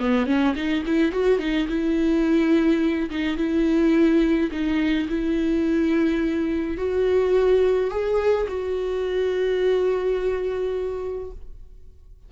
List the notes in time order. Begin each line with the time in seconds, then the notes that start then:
0.00 B3
0.27 C#4
0.56 D#4
0.86 E4
1.12 F#4
1.39 D#4
1.69 E4
3.10 D#4
3.37 E4
4.52 D#4
5.09 E4
6.78 F#4
7.91 G#4
8.49 F#4